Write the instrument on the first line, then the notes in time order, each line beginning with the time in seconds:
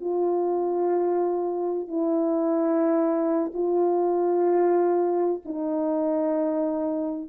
horn
0.00 F4
1.87 E4
3.53 F4
5.45 D#4